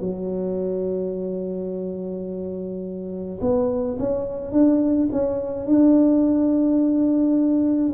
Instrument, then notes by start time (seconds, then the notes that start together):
tuba
0.00 F#3
3.41 B3
3.98 C#4
4.51 D4
5.11 C#4
5.66 D4